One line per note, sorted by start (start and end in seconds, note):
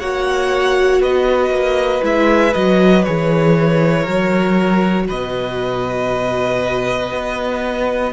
0.00 1.01 A#3
0.00 2.02 F#4
0.00 1.01 C#5
0.00 1.02 F#5
1.01 1.50 B3
1.01 4.02 B4
1.01 2.04 D#5
1.50 2.01 A#3
2.02 2.55 G#3
2.02 2.53 E4
2.02 2.53 E5
2.53 3.07 F#3
2.53 3.05 F#4
2.53 3.04 D#5
3.04 4.08 E3
3.04 4.07 G#4
3.04 5.08 C#5
4.02 5.09 F#3
4.02 8.13 F#4
4.02 5.04 A#4
5.08 7.12 B2
5.08 8.13 B4
5.08 8.13 D#5
7.12 8.13 B3